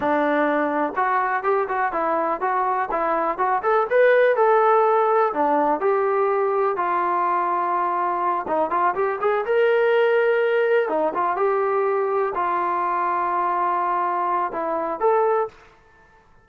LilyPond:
\new Staff \with { instrumentName = "trombone" } { \time 4/4 \tempo 4 = 124 d'2 fis'4 g'8 fis'8 | e'4 fis'4 e'4 fis'8 a'8 | b'4 a'2 d'4 | g'2 f'2~ |
f'4. dis'8 f'8 g'8 gis'8 ais'8~ | ais'2~ ais'8 dis'8 f'8 g'8~ | g'4. f'2~ f'8~ | f'2 e'4 a'4 | }